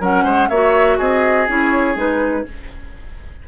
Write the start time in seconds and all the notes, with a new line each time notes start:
0.00 F#3 C#4 A#4 F#5
0.24 G#3 C5
0.49 A#3 F#4 C#5 E5
0.98 C4 G#4 D#5
1.48 C#4 E4 C#5
1.95 G#3 D#4 B4